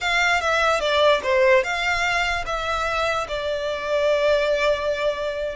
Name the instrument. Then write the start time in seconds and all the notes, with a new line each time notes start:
violin
0.00 F5
0.40 E5
0.80 D5
1.23 C5
1.63 F5
2.45 E5
3.27 D5